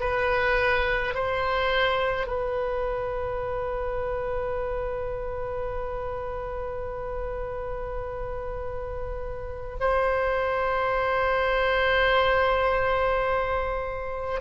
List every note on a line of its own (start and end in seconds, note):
0.00 1.15 B4
1.15 2.27 C5
2.27 9.77 B4
9.80 14.41 C5